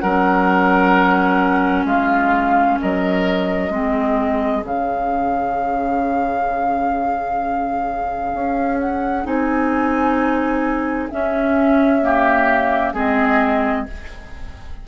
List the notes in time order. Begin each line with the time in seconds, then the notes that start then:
0.00 F#3 C#4 A#4 F#5
1.85 G#3 F4 F5
2.81 F#3 A#4 D#5
3.70 G#3 C4 G#4
4.63 C#3 C#4 F5
8.33 C#4
8.80 F#5
9.24 C4 D#4 G#5
11.10 C#4 E5
12.02 A#3 G4
12.93 G#3 C4 G#4 D#5